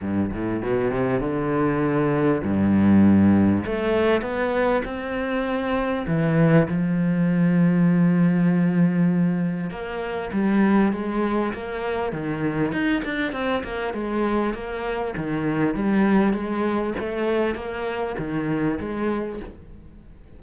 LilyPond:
\new Staff \with { instrumentName = "cello" } { \time 4/4 \tempo 4 = 99 g,8 a,8 b,8 c8 d2 | g,2 a4 b4 | c'2 e4 f4~ | f1 |
ais4 g4 gis4 ais4 | dis4 dis'8 d'8 c'8 ais8 gis4 | ais4 dis4 g4 gis4 | a4 ais4 dis4 gis4 | }